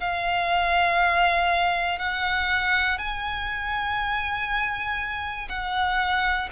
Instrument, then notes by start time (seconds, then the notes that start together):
violin
0.00 F5
1.98 F#5
2.98 G#5
5.48 F#5